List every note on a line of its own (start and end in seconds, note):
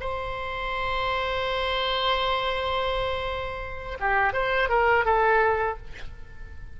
0.00 3.98 C5
4.00 4.32 G4
4.32 4.69 C5
4.69 5.05 A#4
5.05 5.77 A4